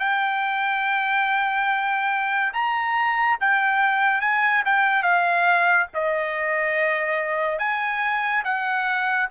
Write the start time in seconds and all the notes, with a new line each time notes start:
0.00 G5
2.54 A#5
3.41 G5
4.21 G#5
4.66 G5
5.03 F5
5.94 D#5
7.59 G#5
8.45 F#5